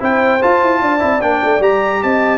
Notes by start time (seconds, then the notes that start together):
0.00 C4 E4 C5 G5
0.41 F4 A5
0.62 E4
0.82 D4 D5
0.99 C4 E4
1.21 A#3 D4 G5
1.44 A3
1.60 G3 G4 A#5
2.03 C4 D#5 A5